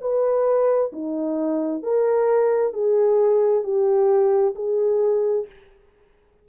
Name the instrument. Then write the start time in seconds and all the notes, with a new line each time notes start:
horn
0.00 B4
0.92 D#4
1.82 A#4
2.73 G#4
3.63 G4
4.55 G#4